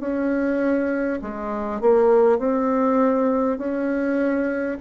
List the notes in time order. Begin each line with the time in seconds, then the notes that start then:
0.00 C#4
1.22 G#3
1.81 A#3
2.38 C4
3.58 C#4